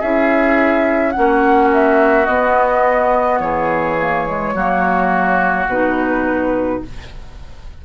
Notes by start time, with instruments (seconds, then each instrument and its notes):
0.00 bassoon C#4, clarinet E4, oboe G#4, flute E5
1.12 bassoon A#3, clarinet C#4, flute F#5
1.18 oboe F#4
1.73 flute E5
2.26 bassoon B3, clarinet B3, flute D#5
3.39 bassoon E3, oboe G#4, flute C#5
3.99 clarinet A#3
4.26 clarinet G#3
4.54 bassoon F#3, clarinet A#3, oboe F#4
5.67 bassoon B2, clarinet D#4, flute B4